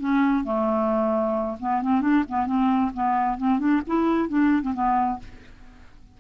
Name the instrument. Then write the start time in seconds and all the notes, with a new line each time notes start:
clarinet
0.00 C#4
0.44 A3
1.60 B3
1.82 C4
2.01 D4
2.28 B3
2.46 C4
2.94 B3
3.38 C4
3.59 D4
3.87 E4
4.29 D4
4.62 C4
4.74 B3